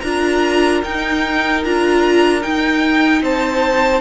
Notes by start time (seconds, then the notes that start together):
0.00 D4 F4 A#4 A#5
0.84 D#4 G5
1.64 D4 F4 A#5
2.41 D#4 G5
3.22 C4 C5 A5